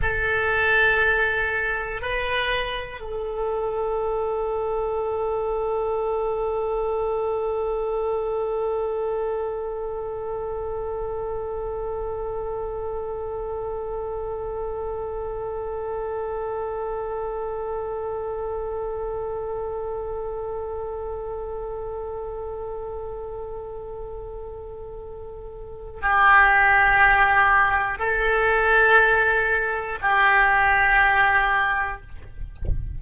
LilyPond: \new Staff \with { instrumentName = "oboe" } { \time 4/4 \tempo 4 = 60 a'2 b'4 a'4~ | a'1~ | a'1~ | a'1~ |
a'1~ | a'1~ | a'2 g'2 | a'2 g'2 | }